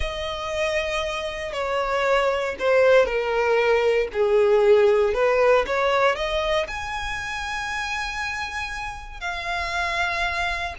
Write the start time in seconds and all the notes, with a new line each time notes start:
0.00 D#5
1.52 C#5
2.59 C5
3.05 A#4
4.12 G#4
5.14 B4
5.66 C#5
6.15 D#5
6.67 G#5
9.20 F5